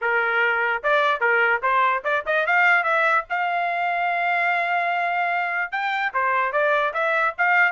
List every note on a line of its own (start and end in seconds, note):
0.01 0.83 A#4
0.83 1.20 D5
1.20 1.61 A#4
1.62 2.03 C5
2.03 2.24 D5
2.26 2.46 D#5
2.46 2.83 F5
2.83 3.24 E5
3.29 5.71 F5
5.71 6.12 G5
6.13 6.52 C5
6.52 6.93 D5
6.93 7.34 E5
7.37 7.72 F5